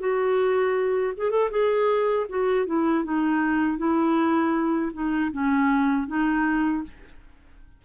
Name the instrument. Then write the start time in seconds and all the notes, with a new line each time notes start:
clarinet
0.00 F#4
1.18 G#4
1.31 A4
1.51 G#4
2.30 F#4
2.67 E4
3.04 D#4
3.78 E4
4.93 D#4
5.32 C#4
6.08 D#4